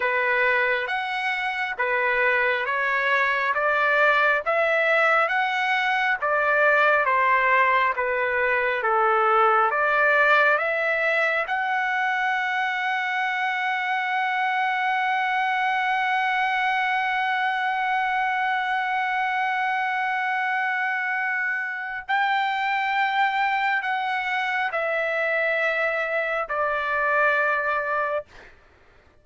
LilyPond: \new Staff \with { instrumentName = "trumpet" } { \time 4/4 \tempo 4 = 68 b'4 fis''4 b'4 cis''4 | d''4 e''4 fis''4 d''4 | c''4 b'4 a'4 d''4 | e''4 fis''2.~ |
fis''1~ | fis''1~ | fis''4 g''2 fis''4 | e''2 d''2 | }